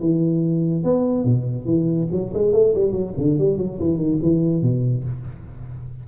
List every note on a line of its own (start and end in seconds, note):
0.00 0.83 E3
0.83 1.24 B3
1.24 1.65 B2
1.65 2.07 E3
2.11 2.33 F#3
2.33 2.53 G#3
2.53 2.74 A3
2.74 2.92 G3
2.92 3.13 F#3
3.17 3.38 D3
3.38 3.57 G3
3.57 3.78 F#3
3.79 3.96 E3
3.96 4.18 D#3
4.22 4.62 E3
4.62 5.04 B2